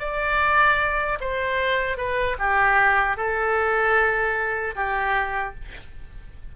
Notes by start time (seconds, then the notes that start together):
0.00 D5
1.21 C5
1.97 B4
2.39 G4
3.17 A4
4.76 G4